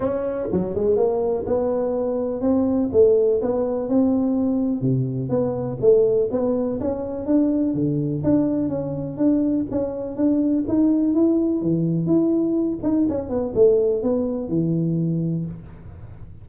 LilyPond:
\new Staff \with { instrumentName = "tuba" } { \time 4/4 \tempo 4 = 124 cis'4 fis8 gis8 ais4 b4~ | b4 c'4 a4 b4 | c'2 c4 b4 | a4 b4 cis'4 d'4 |
d4 d'4 cis'4 d'4 | cis'4 d'4 dis'4 e'4 | e4 e'4. dis'8 cis'8 b8 | a4 b4 e2 | }